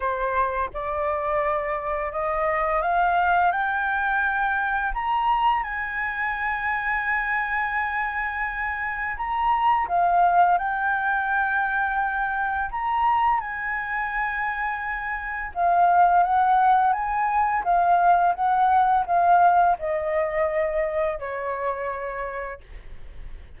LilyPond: \new Staff \with { instrumentName = "flute" } { \time 4/4 \tempo 4 = 85 c''4 d''2 dis''4 | f''4 g''2 ais''4 | gis''1~ | gis''4 ais''4 f''4 g''4~ |
g''2 ais''4 gis''4~ | gis''2 f''4 fis''4 | gis''4 f''4 fis''4 f''4 | dis''2 cis''2 | }